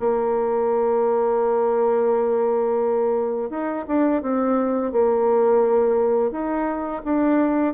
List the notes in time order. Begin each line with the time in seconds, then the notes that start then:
0.00 A#3
3.50 D#4
3.88 D4
4.23 C4
4.93 A#3
6.32 D#4
7.05 D4